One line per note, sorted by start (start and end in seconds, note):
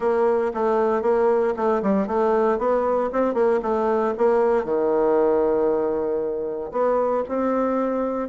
0.00 0.52 A#3
0.54 1.02 A3
1.02 1.54 A#3
1.56 1.82 A3
1.82 2.07 G3
2.07 2.58 A3
2.58 3.10 B3
3.12 3.34 C4
3.34 3.59 A#3
3.62 4.14 A3
4.17 4.64 A#3
4.64 6.71 D#3
6.71 7.23 B3
7.28 8.29 C4